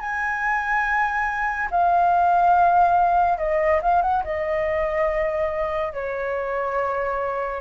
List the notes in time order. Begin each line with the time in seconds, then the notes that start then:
0.00 G#5
1.71 F5
3.38 D#5
3.82 F5
4.02 F#5
4.24 D#5
5.93 C#5